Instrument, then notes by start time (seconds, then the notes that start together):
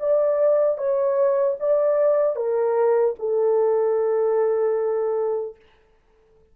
horn
0.00 D5
0.78 C#5
1.60 D5
2.36 A#4
3.19 A4